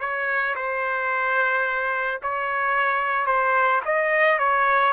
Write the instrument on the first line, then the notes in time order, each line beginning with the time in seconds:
trumpet
0.00 C#5
0.56 C5
2.22 C#5
3.26 C5
3.85 D#5
4.39 C#5